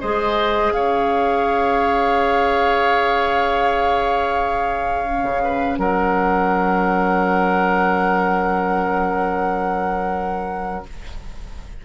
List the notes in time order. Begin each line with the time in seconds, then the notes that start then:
0.00 G#3 G#4 C5 D#5
0.71 C#4 C#5 F5
5.05 C#4
5.22 C#3
5.43 B4
5.78 F#3 A#4 F#5